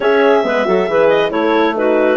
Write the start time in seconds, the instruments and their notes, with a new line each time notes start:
0.00 bassoon C#4, horn G#4, clarinet C#5 E5
0.44 bassoon G#3, horn B3, clarinet B4
0.65 bassoon F#3, horn F#4, clarinet A4
0.87 bassoon E3, horn G#4, clarinet B4
1.09 clarinet D#5
1.29 bassoon A3, clarinet E4 C#5, horn A4
1.74 horn D#4, clarinet F#4 B4